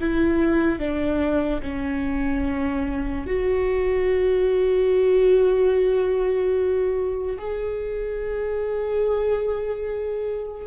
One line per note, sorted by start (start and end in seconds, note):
0.00 0.79 E4
0.79 1.61 D4
1.62 3.26 C#4
3.26 7.37 F#4
7.38 10.67 G#4